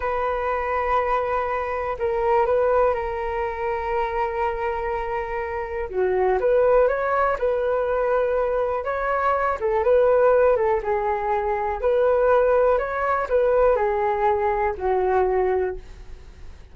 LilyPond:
\new Staff \with { instrumentName = "flute" } { \time 4/4 \tempo 4 = 122 b'1 | ais'4 b'4 ais'2~ | ais'1 | fis'4 b'4 cis''4 b'4~ |
b'2 cis''4. a'8 | b'4. a'8 gis'2 | b'2 cis''4 b'4 | gis'2 fis'2 | }